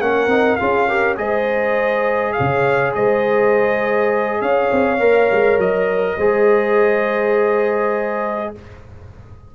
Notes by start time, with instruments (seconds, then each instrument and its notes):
0.00 tuba A#3, trombone C#4, horn A#4, trumpet F#5
0.27 tuba C4, trombone D#4
0.56 tuba C#4, trombone F4, horn G#4, trumpet F5
0.88 trombone G4, horn A#4
1.17 tuba G#3, trombone G#4, horn C5, trumpet D#5
2.33 horn C#5, trumpet F5
2.40 tuba C#3
2.95 tuba G#3, horn C5, trumpet D#5
4.41 tuba C#4, horn C#5, trumpet F5
4.72 tuba C4
4.99 tuba A#3, trombone A#4
5.31 tuba G#3
5.58 tuba F#3, trumpet D#5
6.17 tuba G#3, trombone G#4, horn C5